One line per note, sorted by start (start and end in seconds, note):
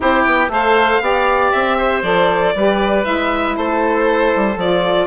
0.00 0.26 C4
0.00 0.48 E4
0.00 0.51 G4
0.00 0.22 C5
0.22 0.48 B3
0.22 0.48 G5
0.48 0.99 A3
0.48 1.01 A4
0.48 1.02 C5
0.48 1.51 F5
1.00 1.51 B3
1.00 2.03 G4
1.00 1.77 D5
1.51 2.02 C4
1.51 2.02 E5
1.77 2.54 C5
2.02 2.53 F3
2.02 2.54 A4
2.02 3.04 D5
2.54 3.05 G3
2.54 3.02 G4
2.54 3.57 B4
3.02 3.57 G#3
3.02 4.55 E4
3.02 3.55 E5
3.56 4.33 A3
3.56 5.07 A4
3.56 4.58 C5
4.35 4.56 G3
4.56 5.07 F3
4.56 5.07 F4
4.56 5.07 D5